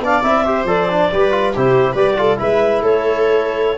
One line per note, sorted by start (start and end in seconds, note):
0.00 0.22 B3
0.00 0.23 D4
0.00 0.45 D5
0.00 0.23 F5
0.23 0.64 C4
0.23 0.45 E4
0.23 0.66 E5
0.45 0.67 G4
0.45 1.09 C5
0.64 1.07 F3
0.64 0.88 A4
0.64 1.54 D5
0.90 1.12 D4
1.13 1.56 G3
1.13 1.31 G4
1.13 1.53 B4
1.31 1.52 F4
1.53 1.94 C3
1.53 1.96 E4
1.53 1.92 G4
1.53 1.95 C5
1.92 2.37 G3
1.92 2.17 G4
1.92 2.14 B4
1.92 2.38 D5
2.17 2.37 F4
2.17 2.39 A4
2.37 2.81 G#3
2.37 3.77 E4
2.37 2.82 B4
2.37 2.83 E5
2.81 3.78 A3
2.81 3.78 A4
2.81 3.78 C#5